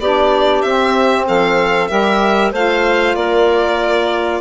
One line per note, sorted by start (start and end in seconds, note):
0.00 0.63 B3
0.00 0.66 D4
0.00 1.28 G4
0.00 0.62 D5
0.62 1.28 C4
0.62 1.90 C4
0.62 1.25 E5
1.28 1.91 F3
1.28 1.90 A4
1.28 1.88 F5
1.88 2.52 G3
1.88 2.53 G4
1.88 2.52 A#4
1.88 2.51 E5
2.52 3.16 A3
2.52 4.41 F4
2.52 3.16 C5
2.52 3.16 F5
3.16 4.41 A#3
3.16 4.41 A#4
3.16 4.41 D5